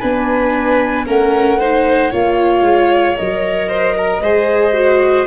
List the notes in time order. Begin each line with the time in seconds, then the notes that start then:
0.00 B3 D4 B4 G#5
1.07 A3 C#4 A#4 F#5
1.59 D#4 C5
2.11 A#3 F4 C#5 F5
2.62 G#3
3.16 F#3 A#4 D#5
3.69 C5
3.98 A#4
4.21 G#3 G#4 C5
4.74 F#4